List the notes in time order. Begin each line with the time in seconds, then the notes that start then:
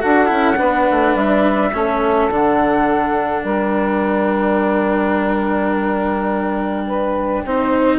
0.00 D4 F#4 A4 F#5
0.26 C#4 E4
0.56 B3 D4 B4
0.91 A3
1.15 G3 E5
1.72 A3 C#4 A4
2.30 D3 D4 F#5
3.43 G3 A#4 G5
6.87 B4
7.45 C4 D#4 C5